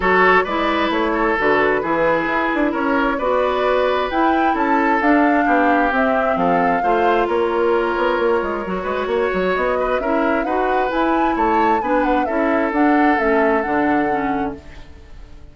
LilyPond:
<<
  \new Staff \with { instrumentName = "flute" } { \time 4/4 \tempo 4 = 132 cis''4 d''4 cis''4 b'4~ | b'2 cis''4 d''4~ | d''4 g''4 a''4 f''4~ | f''4 e''4 f''2 |
cis''1~ | cis''4 dis''4 e''4 fis''4 | gis''4 a''4 gis''8 fis''8 e''4 | fis''4 e''4 fis''2 | }
  \new Staff \with { instrumentName = "oboe" } { \time 4/4 a'4 b'4. a'4. | gis'2 ais'4 b'4~ | b'2 a'2 | g'2 a'4 c''4 |
ais'2.~ ais'8 b'8 | cis''4. b'8 ais'4 b'4~ | b'4 cis''4 b'4 a'4~ | a'1 | }
  \new Staff \with { instrumentName = "clarinet" } { \time 4/4 fis'4 e'2 fis'4 | e'2. fis'4~ | fis'4 e'2 d'4~ | d'4 c'2 f'4~ |
f'2. fis'4~ | fis'2 e'4 fis'4 | e'2 d'4 e'4 | d'4 cis'4 d'4 cis'4 | }
  \new Staff \with { instrumentName = "bassoon" } { \time 4/4 fis4 gis4 a4 d4 | e4 e'8 d'8 cis'4 b4~ | b4 e'4 cis'4 d'4 | b4 c'4 f4 a4 |
ais4. b8 ais8 gis8 fis8 gis8 | ais8 fis8 b4 cis'4 dis'4 | e'4 a4 b4 cis'4 | d'4 a4 d2 | }
>>